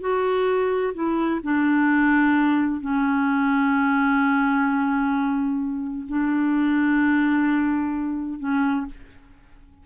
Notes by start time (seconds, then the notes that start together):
0.00 F#4
0.94 E4
1.43 D4
2.81 C#4
6.08 D4
8.39 C#4